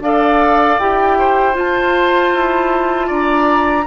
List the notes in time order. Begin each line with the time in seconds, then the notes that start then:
0.00 D4 A4 D5 F5
0.79 E4 G4 G5
1.18 C5
1.53 F4 A5
2.34 E4
3.07 D4 D5 A#5